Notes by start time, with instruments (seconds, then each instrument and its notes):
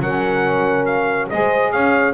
0.00 double bass F#3, saxophone C#4, horn A#4, trumpet F#5
0.86 trumpet F5
1.30 double bass G#3, saxophone G#4, horn C5, trumpet D#5
1.72 double bass C#4, horn C#5, trumpet F5